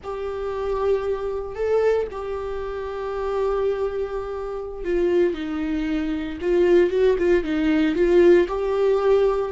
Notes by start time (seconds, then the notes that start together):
0.03 G4
1.55 A4
2.11 G4
4.84 F4
5.34 D#4
6.41 F4
6.90 F#4
7.18 F4
7.43 D#4
7.95 F4
8.48 G4